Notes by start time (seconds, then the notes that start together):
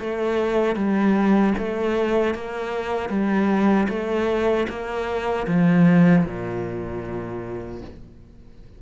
0.00 A3
0.76 G3
1.59 A3
2.35 A#3
3.10 G3
3.90 A3
4.69 A#3
5.48 F3
6.26 A#2